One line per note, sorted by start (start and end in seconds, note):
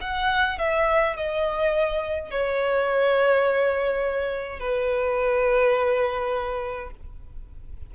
0.00 0.58 F#5
0.58 1.16 E5
1.16 2.31 D#5
2.31 4.59 C#5
4.59 6.90 B4